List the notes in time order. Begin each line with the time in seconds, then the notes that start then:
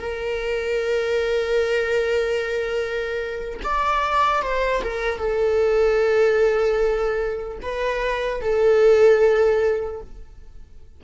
0.00 A#4
3.64 D5
4.43 C5
4.84 A#4
5.19 A4
7.62 B4
8.41 A4